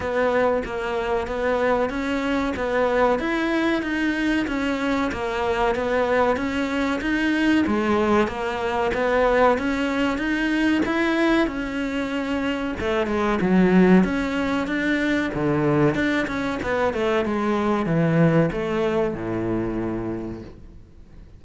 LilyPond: \new Staff \with { instrumentName = "cello" } { \time 4/4 \tempo 4 = 94 b4 ais4 b4 cis'4 | b4 e'4 dis'4 cis'4 | ais4 b4 cis'4 dis'4 | gis4 ais4 b4 cis'4 |
dis'4 e'4 cis'2 | a8 gis8 fis4 cis'4 d'4 | d4 d'8 cis'8 b8 a8 gis4 | e4 a4 a,2 | }